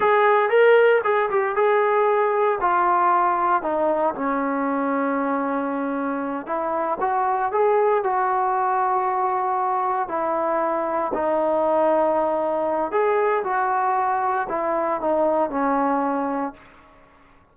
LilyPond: \new Staff \with { instrumentName = "trombone" } { \time 4/4 \tempo 4 = 116 gis'4 ais'4 gis'8 g'8 gis'4~ | gis'4 f'2 dis'4 | cis'1~ | cis'8 e'4 fis'4 gis'4 fis'8~ |
fis'2.~ fis'8 e'8~ | e'4. dis'2~ dis'8~ | dis'4 gis'4 fis'2 | e'4 dis'4 cis'2 | }